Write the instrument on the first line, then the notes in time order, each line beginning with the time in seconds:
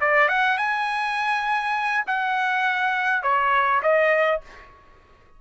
trumpet
0.00 D5
0.28 F#5
0.57 G#5
2.06 F#5
3.22 C#5
3.82 D#5